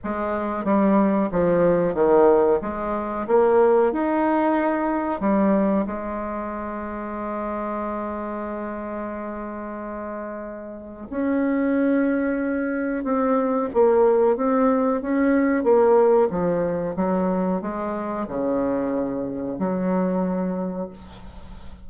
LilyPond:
\new Staff \with { instrumentName = "bassoon" } { \time 4/4 \tempo 4 = 92 gis4 g4 f4 dis4 | gis4 ais4 dis'2 | g4 gis2.~ | gis1~ |
gis4 cis'2. | c'4 ais4 c'4 cis'4 | ais4 f4 fis4 gis4 | cis2 fis2 | }